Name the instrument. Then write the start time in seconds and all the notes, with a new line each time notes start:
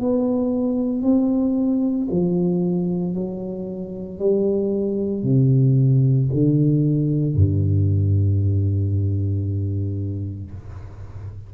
tuba
0.00 B3
1.02 C4
2.11 F3
3.15 F#3
4.19 G3
5.23 C3
6.33 D3
7.35 G2